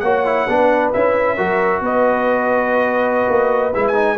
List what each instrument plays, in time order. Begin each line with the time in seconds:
0.00 tuba A#3, trombone F#4, horn C#5, trumpet F#5
0.26 trombone E4
0.48 tuba B3, trombone D4, horn B4
0.93 tuba C#4, trombone E4, trumpet E5
1.37 tuba F#3, trombone F#4, horn A#4
1.82 tuba B3, horn B4, trumpet D#5
3.29 tuba A#3
3.74 tuba G#3, trombone E4, trumpet E5
3.88 trumpet G#5
3.94 trombone D#4